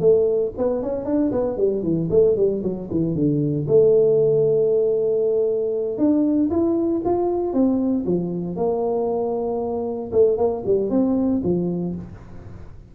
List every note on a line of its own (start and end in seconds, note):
0.00 0.52 A3
0.58 0.82 B3
0.82 1.05 C#4
1.05 1.31 D4
1.32 1.57 B3
1.57 1.83 G3
1.83 2.09 E3
2.11 2.37 A3
2.37 2.62 G3
2.63 2.89 F#3
2.91 3.15 E3
3.15 3.67 D3
3.68 5.98 A3
5.98 6.50 D4
6.51 7.02 E4
7.05 7.53 F4
7.53 8.05 C4
8.06 8.56 F3
8.56 10.11 A#3
10.12 10.38 A3
10.38 10.63 A#3
10.66 10.90 G3
10.90 11.42 C4
11.44 11.95 F3